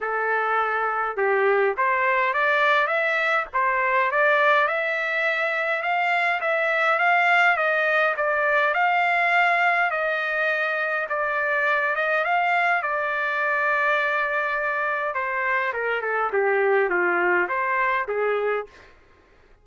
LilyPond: \new Staff \with { instrumentName = "trumpet" } { \time 4/4 \tempo 4 = 103 a'2 g'4 c''4 | d''4 e''4 c''4 d''4 | e''2 f''4 e''4 | f''4 dis''4 d''4 f''4~ |
f''4 dis''2 d''4~ | d''8 dis''8 f''4 d''2~ | d''2 c''4 ais'8 a'8 | g'4 f'4 c''4 gis'4 | }